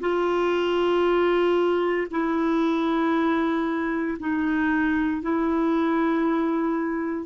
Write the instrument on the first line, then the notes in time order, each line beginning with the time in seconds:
clarinet
0.00 F4
2.11 E4
4.19 D#4
5.22 E4